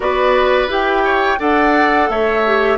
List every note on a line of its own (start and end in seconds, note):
0.00 0.67 B3
0.00 0.68 F#4
0.00 1.03 B4
0.00 0.70 D5
0.67 1.37 E4
0.67 1.38 G4
0.67 1.40 G5
1.03 1.38 C#5
1.38 2.09 D4
1.38 2.43 A4
1.38 2.09 D5
1.38 2.09 F#5
2.09 2.77 A3
2.09 2.77 C#5
2.09 2.77 E5
2.46 2.77 G4